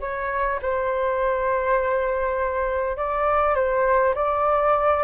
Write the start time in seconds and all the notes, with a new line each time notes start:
0.00 C#5
0.62 C5
2.96 D5
3.55 C5
4.14 D5